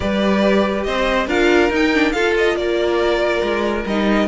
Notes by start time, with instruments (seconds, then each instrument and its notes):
0.00 cello G3, viola G4, violin B4 D5
0.83 cello C4, violin C5 D#5
1.27 cello D4, viola F4, violin A#4 F5
1.70 cello D#4, viola D#4, violin G5
1.94 viola D4
2.12 cello F4, viola F4, violin A4 F5
2.37 violin D#5
2.55 cello A#3, violin A#4 D5
3.42 cello G#3
3.86 cello G3, viola D#4, violin D#5